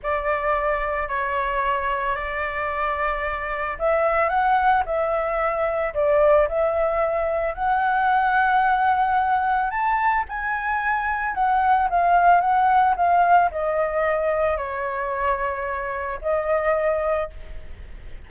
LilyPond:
\new Staff \with { instrumentName = "flute" } { \time 4/4 \tempo 4 = 111 d''2 cis''2 | d''2. e''4 | fis''4 e''2 d''4 | e''2 fis''2~ |
fis''2 a''4 gis''4~ | gis''4 fis''4 f''4 fis''4 | f''4 dis''2 cis''4~ | cis''2 dis''2 | }